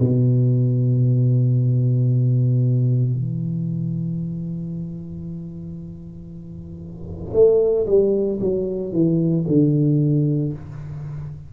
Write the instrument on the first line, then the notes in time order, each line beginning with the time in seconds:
tuba
0.00 B2
3.13 E3
7.33 A3
7.87 G3
8.41 F#3
8.93 E3
9.48 D3